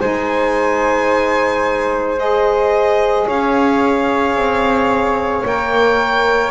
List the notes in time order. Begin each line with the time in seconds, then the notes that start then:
0.00 G#3 D#4 C5 G#5
2.17 G#4 D#5
3.27 C#4 C#5 F5
4.35 C4
5.45 A#3 A#4 G5